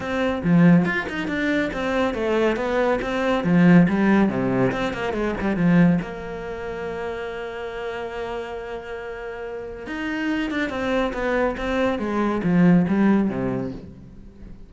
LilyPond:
\new Staff \with { instrumentName = "cello" } { \time 4/4 \tempo 4 = 140 c'4 f4 f'8 dis'8 d'4 | c'4 a4 b4 c'4 | f4 g4 c4 c'8 ais8 | gis8 g8 f4 ais2~ |
ais1~ | ais2. dis'4~ | dis'8 d'8 c'4 b4 c'4 | gis4 f4 g4 c4 | }